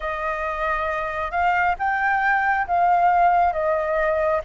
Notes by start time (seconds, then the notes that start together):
0.00 D#5
1.31 F5
1.78 G5
2.67 F5
3.53 D#5